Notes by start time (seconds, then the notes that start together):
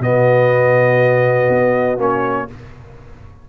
0.00 B2 B3 F#4 D#5
1.50 B3
1.98 A#3 C#4 C#5